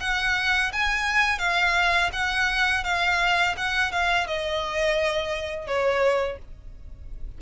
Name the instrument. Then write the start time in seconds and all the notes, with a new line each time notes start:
violin
0.00 F#5
0.72 G#5
1.38 F5
2.12 F#5
2.84 F5
3.57 F#5
3.92 F5
4.27 D#5
5.67 C#5